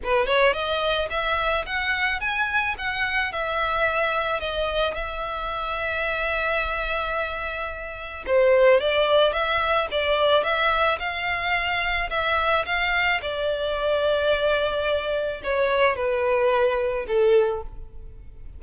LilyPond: \new Staff \with { instrumentName = "violin" } { \time 4/4 \tempo 4 = 109 b'8 cis''8 dis''4 e''4 fis''4 | gis''4 fis''4 e''2 | dis''4 e''2.~ | e''2. c''4 |
d''4 e''4 d''4 e''4 | f''2 e''4 f''4 | d''1 | cis''4 b'2 a'4 | }